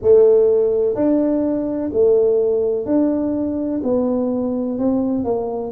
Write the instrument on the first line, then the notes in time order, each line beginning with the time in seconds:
tuba
0.02 A3
0.95 D4
1.93 A3
2.85 D4
3.83 B3
4.78 C4
5.24 A#3